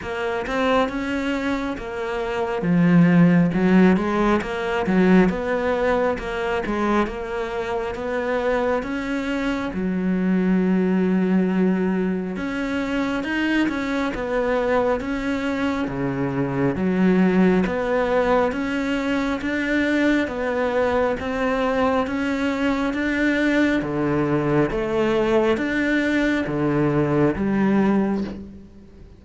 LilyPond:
\new Staff \with { instrumentName = "cello" } { \time 4/4 \tempo 4 = 68 ais8 c'8 cis'4 ais4 f4 | fis8 gis8 ais8 fis8 b4 ais8 gis8 | ais4 b4 cis'4 fis4~ | fis2 cis'4 dis'8 cis'8 |
b4 cis'4 cis4 fis4 | b4 cis'4 d'4 b4 | c'4 cis'4 d'4 d4 | a4 d'4 d4 g4 | }